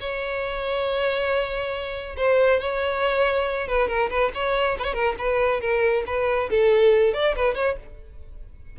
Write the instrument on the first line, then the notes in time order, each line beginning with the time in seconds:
violin
0.00 C#5
2.16 C5
2.60 C#5
3.67 B4
3.88 A#4
4.10 B4
4.34 C#5
4.78 B4 C#5
4.93 A#4
5.18 B4
5.61 A#4
6.06 B4
6.50 A4
7.13 D5
7.35 B4
7.55 C#5